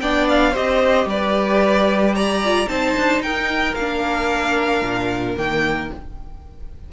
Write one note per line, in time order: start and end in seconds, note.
0.00 0.55 B3
0.00 0.54 D4
0.00 0.51 D5
0.00 0.27 G5
0.29 0.55 F5
0.51 1.05 C4
0.51 2.41 G4
0.51 1.05 C5
0.51 1.09 D#5
1.05 2.66 G3
1.05 2.15 B4
1.05 2.15 D5
2.15 2.69 D5
2.15 2.68 A#5
2.44 2.66 F4
2.66 2.95 C4
2.66 3.73 D#4
2.66 3.24 C5
2.66 3.22 A5
2.96 3.20 D4
3.20 3.73 D#4
3.20 5.92 A#4
3.20 3.74 G5
3.74 4.81 A#3
3.74 5.37 D4
3.74 5.35 F5
4.81 5.35 A#2
5.37 5.90 D#3
5.37 5.91 A#3
5.37 5.91 G5